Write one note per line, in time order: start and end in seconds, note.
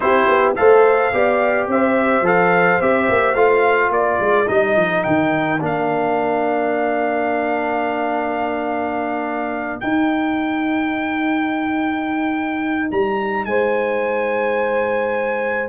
0.00 0.27 C4
0.00 0.55 E4
0.00 0.58 G4
0.00 0.52 C5
0.27 0.55 B3
0.55 1.12 A3
0.55 1.12 A4
0.55 1.14 C5
0.55 1.67 F5
1.12 1.67 B3
1.12 2.23 G4
1.12 1.70 D5
1.67 2.21 C4
1.67 3.95 C5
1.67 2.26 E5
2.21 2.77 F3
2.21 2.80 A4
2.21 2.81 F5
2.80 3.08 C4
2.80 3.35 G4
2.80 3.34 E5
3.09 3.34 A#3
3.34 3.90 A3
3.34 4.46 F4
3.34 3.91 F5
3.90 4.18 A#3
3.90 13.48 A#4
3.90 4.47 D5
4.20 4.48 G#3
4.46 4.75 G3
4.46 5.59 D#4
4.46 5.03 D#5
4.75 5.04 F3
5.03 5.61 D#3
5.03 5.59 G5
5.60 9.81 A#3
5.60 9.80 D4
5.60 9.80 F5
9.80 15.69 D#4
9.80 12.91 D#4
9.80 12.88 G5
12.91 13.45 G3
12.91 13.45 A#5
13.45 15.69 G#3
13.45 15.69 C5
13.45 15.69 G#5